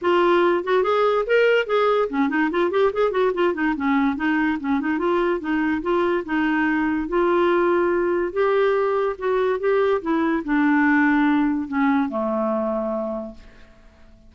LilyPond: \new Staff \with { instrumentName = "clarinet" } { \time 4/4 \tempo 4 = 144 f'4. fis'8 gis'4 ais'4 | gis'4 cis'8 dis'8 f'8 g'8 gis'8 fis'8 | f'8 dis'8 cis'4 dis'4 cis'8 dis'8 | f'4 dis'4 f'4 dis'4~ |
dis'4 f'2. | g'2 fis'4 g'4 | e'4 d'2. | cis'4 a2. | }